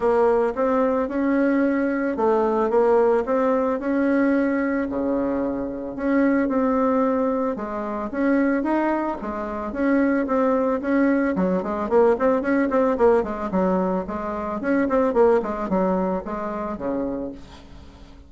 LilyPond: \new Staff \with { instrumentName = "bassoon" } { \time 4/4 \tempo 4 = 111 ais4 c'4 cis'2 | a4 ais4 c'4 cis'4~ | cis'4 cis2 cis'4 | c'2 gis4 cis'4 |
dis'4 gis4 cis'4 c'4 | cis'4 fis8 gis8 ais8 c'8 cis'8 c'8 | ais8 gis8 fis4 gis4 cis'8 c'8 | ais8 gis8 fis4 gis4 cis4 | }